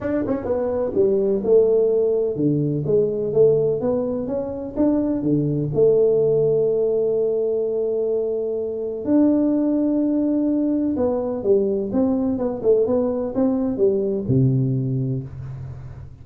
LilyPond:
\new Staff \with { instrumentName = "tuba" } { \time 4/4 \tempo 4 = 126 d'8 cis'8 b4 g4 a4~ | a4 d4 gis4 a4 | b4 cis'4 d'4 d4 | a1~ |
a2. d'4~ | d'2. b4 | g4 c'4 b8 a8 b4 | c'4 g4 c2 | }